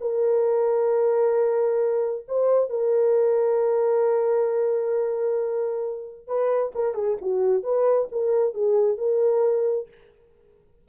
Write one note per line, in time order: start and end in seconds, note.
0.00 2.26 A#4
2.28 2.69 C5
2.69 6.27 A#4
6.27 6.72 B4
6.75 6.94 A#4
6.94 7.17 G#4
7.21 7.63 F#4
7.63 8.08 B4
8.11 8.54 A#4
8.54 8.97 G#4
8.97 9.88 A#4